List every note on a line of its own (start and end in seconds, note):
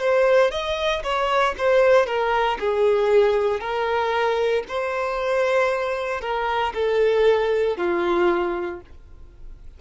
0.00 0.51 C5
0.51 1.03 D#5
1.04 1.56 C#5
1.58 2.07 C5
2.07 2.59 A#4
2.60 3.61 G#4
3.61 4.64 A#4
4.69 6.22 C5
6.22 6.73 A#4
6.74 7.78 A4
7.78 8.81 F4